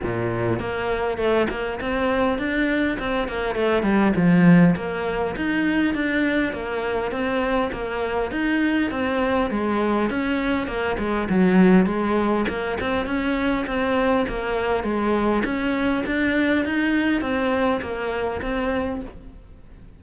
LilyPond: \new Staff \with { instrumentName = "cello" } { \time 4/4 \tempo 4 = 101 ais,4 ais4 a8 ais8 c'4 | d'4 c'8 ais8 a8 g8 f4 | ais4 dis'4 d'4 ais4 | c'4 ais4 dis'4 c'4 |
gis4 cis'4 ais8 gis8 fis4 | gis4 ais8 c'8 cis'4 c'4 | ais4 gis4 cis'4 d'4 | dis'4 c'4 ais4 c'4 | }